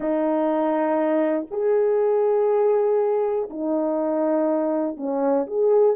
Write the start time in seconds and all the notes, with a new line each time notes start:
0.00 D#4
1.50 G#4
3.50 D#4
4.96 C#4
5.47 G#4